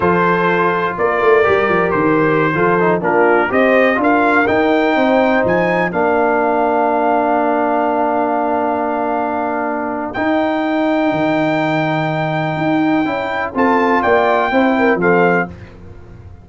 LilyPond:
<<
  \new Staff \with { instrumentName = "trumpet" } { \time 4/4 \tempo 4 = 124 c''2 d''2 | c''2~ c''16 ais'4 dis''8.~ | dis''16 f''4 g''2 gis''8.~ | gis''16 f''2.~ f''8.~ |
f''1~ | f''4 g''2.~ | g''1 | a''4 g''2 f''4 | }
  \new Staff \with { instrumentName = "horn" } { \time 4/4 a'2 ais'2~ | ais'4~ ais'16 a'4 f'4 c''8.~ | c''16 ais'2 c''4.~ c''16~ | c''16 ais'2.~ ais'8.~ |
ais'1~ | ais'1~ | ais'1 | a'4 d''4 c''8 ais'8 a'4 | }
  \new Staff \with { instrumentName = "trombone" } { \time 4/4 f'2. g'4~ | g'4~ g'16 f'8 dis'8 d'4 g'8.~ | g'16 f'4 dis'2~ dis'8.~ | dis'16 d'2.~ d'8.~ |
d'1~ | d'4 dis'2.~ | dis'2. e'4 | f'2 e'4 c'4 | }
  \new Staff \with { instrumentName = "tuba" } { \time 4/4 f2 ais8 a8 g8 f8 | dis4~ dis16 f4 ais4 c'8.~ | c'16 d'4 dis'4 c'4 f8.~ | f16 ais2.~ ais8.~ |
ais1~ | ais4 dis'2 dis4~ | dis2 dis'4 cis'4 | c'4 ais4 c'4 f4 | }
>>